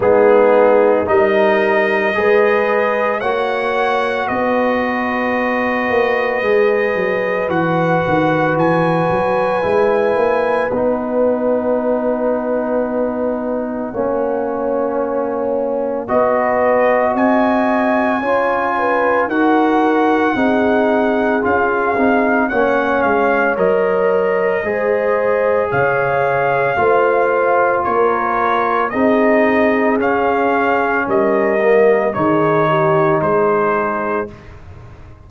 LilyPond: <<
  \new Staff \with { instrumentName = "trumpet" } { \time 4/4 \tempo 4 = 56 gis'4 dis''2 fis''4 | dis''2. fis''4 | gis''2 fis''2~ | fis''2. dis''4 |
gis''2 fis''2 | f''4 fis''8 f''8 dis''2 | f''2 cis''4 dis''4 | f''4 dis''4 cis''4 c''4 | }
  \new Staff \with { instrumentName = "horn" } { \time 4/4 dis'4 ais'4 b'4 cis''4 | b'1~ | b'1~ | b'4 cis''2 b'4 |
dis''4 cis''8 b'8 ais'4 gis'4~ | gis'4 cis''2 c''4 | cis''4 c''4 ais'4 gis'4~ | gis'4 ais'4 gis'8 g'8 gis'4 | }
  \new Staff \with { instrumentName = "trombone" } { \time 4/4 b4 dis'4 gis'4 fis'4~ | fis'2 gis'4 fis'4~ | fis'4 e'4 dis'2~ | dis'4 cis'2 fis'4~ |
fis'4 f'4 fis'4 dis'4 | f'8 dis'8 cis'4 ais'4 gis'4~ | gis'4 f'2 dis'4 | cis'4. ais8 dis'2 | }
  \new Staff \with { instrumentName = "tuba" } { \time 4/4 gis4 g4 gis4 ais4 | b4. ais8 gis8 fis8 e8 dis8 | e8 fis8 gis8 ais8 b2~ | b4 ais2 b4 |
c'4 cis'4 dis'4 c'4 | cis'8 c'8 ais8 gis8 fis4 gis4 | cis4 a4 ais4 c'4 | cis'4 g4 dis4 gis4 | }
>>